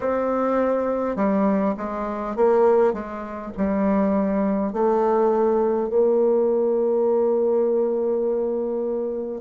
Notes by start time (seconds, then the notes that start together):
0.00 C4
1.16 G3
1.76 G#3
2.36 A#3
2.93 G#3
3.57 G3
4.73 A3
5.89 A#3